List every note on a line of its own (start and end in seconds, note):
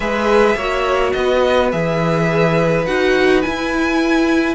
0.00 0.55 G#3
0.00 0.57 G#4
0.00 0.56 B4
0.00 1.12 E5
0.56 1.13 A#3
0.56 1.72 F#4
0.56 1.13 C#5
1.12 1.72 B3
1.12 4.54 B4
1.12 1.69 D#5
1.72 2.87 E3
1.72 2.86 G#4
1.72 2.85 E5
2.85 3.44 D#4
2.85 3.43 F#4
2.85 3.42 F#5
3.42 4.54 E4
3.42 4.54 G#5